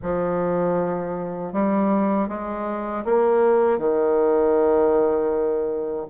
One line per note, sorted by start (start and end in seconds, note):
0.02 1.52 F3
1.52 2.28 G3
2.28 3.04 G#3
3.04 3.78 A#3
3.78 6.06 D#3